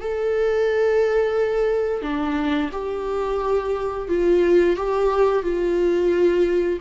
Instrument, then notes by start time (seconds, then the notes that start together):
viola
0.00 A4
2.01 D4
2.71 G4
4.08 F4
4.76 G4
5.42 F4